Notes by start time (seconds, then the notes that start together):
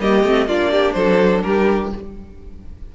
0.00 G3 A#3 G4 D#5
0.23 A3 C4
0.47 A#3 D4 F4 D5
0.71 G4
0.93 F#3 A4 C5
1.42 G3 G4 A#4